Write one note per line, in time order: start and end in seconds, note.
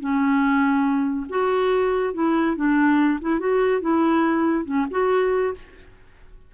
0.00 1.27 C#4
1.29 2.14 F#4
2.14 2.56 E4
2.56 3.19 D4
3.21 3.39 E4
3.39 3.81 F#4
3.81 4.65 E4
4.65 4.86 C#4
4.91 5.54 F#4